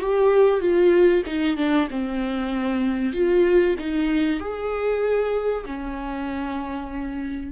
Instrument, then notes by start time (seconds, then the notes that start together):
viola
0.00 G4
0.61 F4
1.26 D#4
1.57 D4
1.90 C4
3.13 F4
3.79 D#4
4.40 G#4
5.65 C#4